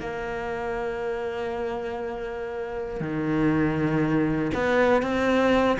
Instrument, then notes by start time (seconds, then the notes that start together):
cello
0.00 A#3
3.00 D#3
4.54 B3
5.02 C4